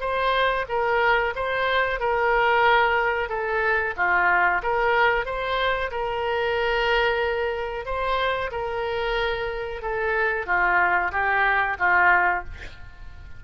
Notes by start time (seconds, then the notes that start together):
0.00 C5
0.68 A#4
1.35 C5
2.00 A#4
3.29 A4
3.96 F4
4.62 A#4
5.25 C5
5.91 A#4
7.85 C5
8.51 A#4
9.81 A4
10.46 F4
11.12 G4
11.79 F4